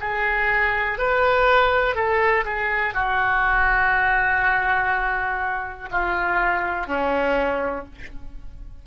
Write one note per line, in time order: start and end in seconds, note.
0.00 0.98 G#4
0.98 1.95 B4
1.95 2.44 A4
2.45 2.94 G#4
2.94 5.89 F#4
5.91 6.87 F4
6.87 7.85 C#4